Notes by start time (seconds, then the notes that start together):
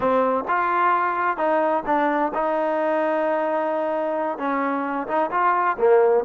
0.00 C4
0.47 F4
1.37 D#4
1.86 D4
2.34 D#4
4.38 C#4
5.07 D#4
5.30 F4
5.78 A#3